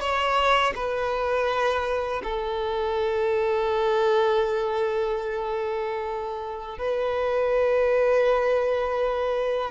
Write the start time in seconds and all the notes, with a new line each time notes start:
0.00 C#5
0.75 B4
2.23 A4
6.78 B4